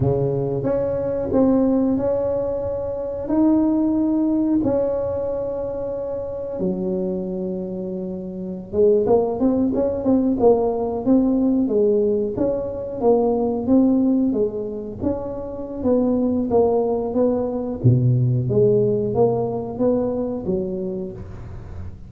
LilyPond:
\new Staff \with { instrumentName = "tuba" } { \time 4/4 \tempo 4 = 91 cis4 cis'4 c'4 cis'4~ | cis'4 dis'2 cis'4~ | cis'2 fis2~ | fis4~ fis16 gis8 ais8 c'8 cis'8 c'8 ais16~ |
ais8. c'4 gis4 cis'4 ais16~ | ais8. c'4 gis4 cis'4~ cis'16 | b4 ais4 b4 b,4 | gis4 ais4 b4 fis4 | }